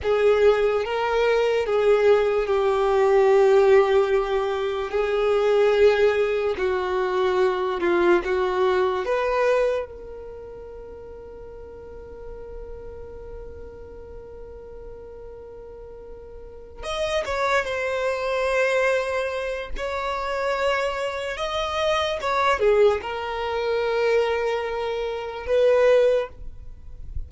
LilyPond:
\new Staff \with { instrumentName = "violin" } { \time 4/4 \tempo 4 = 73 gis'4 ais'4 gis'4 g'4~ | g'2 gis'2 | fis'4. f'8 fis'4 b'4 | ais'1~ |
ais'1~ | ais'8 dis''8 cis''8 c''2~ c''8 | cis''2 dis''4 cis''8 gis'8 | ais'2. b'4 | }